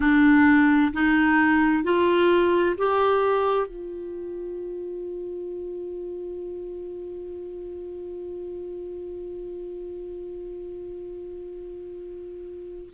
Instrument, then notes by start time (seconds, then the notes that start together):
clarinet
0.00 D4
0.93 D#4
1.83 F4
2.77 G4
3.67 F4